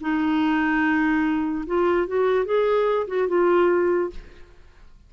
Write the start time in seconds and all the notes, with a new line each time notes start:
0.00 D#4
1.66 F4
2.07 F#4
2.45 G#4
3.07 F#4
3.28 F4